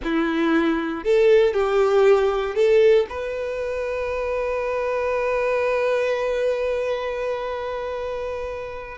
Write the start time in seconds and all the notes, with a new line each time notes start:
0.03 E4
1.04 A4
1.53 G4
2.55 A4
3.09 B4